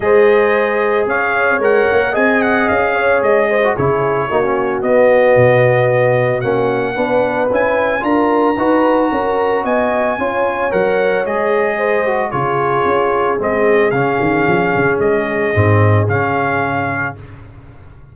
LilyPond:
<<
  \new Staff \with { instrumentName = "trumpet" } { \time 4/4 \tempo 4 = 112 dis''2 f''4 fis''4 | gis''8 fis''8 f''4 dis''4 cis''4~ | cis''4 dis''2. | fis''2 gis''4 ais''4~ |
ais''2 gis''2 | fis''4 dis''2 cis''4~ | cis''4 dis''4 f''2 | dis''2 f''2 | }
  \new Staff \with { instrumentName = "horn" } { \time 4/4 c''2 cis''2 | dis''4. cis''4 c''8 gis'4 | fis'1~ | fis'4 b'2 ais'4 |
b'4 ais'4 dis''4 cis''4~ | cis''2 c''4 gis'4~ | gis'1~ | gis'1 | }
  \new Staff \with { instrumentName = "trombone" } { \time 4/4 gis'2. ais'4 | gis'2~ gis'8. fis'16 e'4 | dis'16 cis'8. b2. | cis'4 d'4 e'4 f'4 |
fis'2. f'4 | ais'4 gis'4. fis'8 f'4~ | f'4 c'4 cis'2~ | cis'4 c'4 cis'2 | }
  \new Staff \with { instrumentName = "tuba" } { \time 4/4 gis2 cis'4 gis8 ais8 | c'4 cis'4 gis4 cis4 | ais4 b4 b,2 | ais4 b4 cis'4 d'4 |
dis'4 cis'4 b4 cis'4 | fis4 gis2 cis4 | cis'4 gis4 cis8 dis8 f8 cis8 | gis4 gis,4 cis2 | }
>>